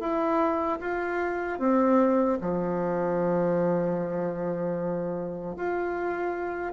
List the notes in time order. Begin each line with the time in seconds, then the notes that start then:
0.00 E4
0.81 F4
1.59 C4
2.41 F3
5.56 F4